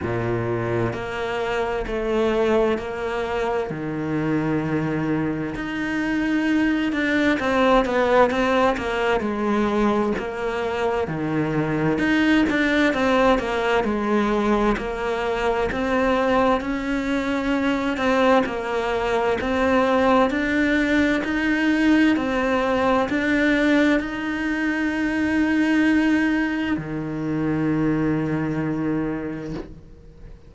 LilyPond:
\new Staff \with { instrumentName = "cello" } { \time 4/4 \tempo 4 = 65 ais,4 ais4 a4 ais4 | dis2 dis'4. d'8 | c'8 b8 c'8 ais8 gis4 ais4 | dis4 dis'8 d'8 c'8 ais8 gis4 |
ais4 c'4 cis'4. c'8 | ais4 c'4 d'4 dis'4 | c'4 d'4 dis'2~ | dis'4 dis2. | }